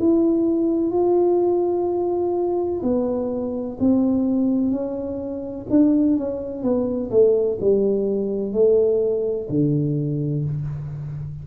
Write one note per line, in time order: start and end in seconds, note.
0.00 0.91 E4
0.91 2.82 F4
2.83 3.78 B3
3.80 4.71 C4
4.71 5.67 C#4
5.70 6.17 D4
6.17 6.63 C#4
6.63 7.11 B3
7.11 7.58 A3
7.61 8.53 G3
8.53 9.48 A3
9.50 10.45 D3